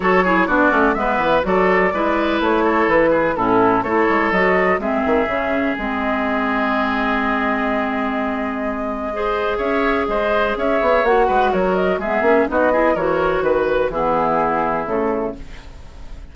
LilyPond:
<<
  \new Staff \with { instrumentName = "flute" } { \time 4/4 \tempo 4 = 125 cis''4 d''4 e''4 d''4~ | d''4 cis''4 b'4 a'4 | cis''4 dis''4 e''2 | dis''1~ |
dis''1 | e''4 dis''4 e''4 fis''4 | cis''8 dis''8 e''4 dis''4 cis''4 | b'4 gis'2 a'4 | }
  \new Staff \with { instrumentName = "oboe" } { \time 4/4 a'8 gis'8 fis'4 b'4 a'4 | b'4. a'4 gis'8 e'4 | a'2 gis'2~ | gis'1~ |
gis'2. c''4 | cis''4 c''4 cis''4. b'8 | ais'4 gis'4 fis'8 gis'8 ais'4 | b'4 e'2. | }
  \new Staff \with { instrumentName = "clarinet" } { \time 4/4 fis'8 e'8 d'8 cis'8 b4 fis'4 | e'2. cis'4 | e'4 fis'4 c'4 cis'4 | c'1~ |
c'2. gis'4~ | gis'2. fis'4~ | fis'4 b8 cis'8 dis'8 e'8 fis'4~ | fis'4 b2 a4 | }
  \new Staff \with { instrumentName = "bassoon" } { \time 4/4 fis4 b8 a8 gis8 e8 fis4 | gis4 a4 e4 a,4 | a8 gis8 fis4 gis8 dis8 cis4 | gis1~ |
gis1 | cis'4 gis4 cis'8 b8 ais8 gis8 | fis4 gis8 ais8 b4 e4 | dis4 e2 cis4 | }
>>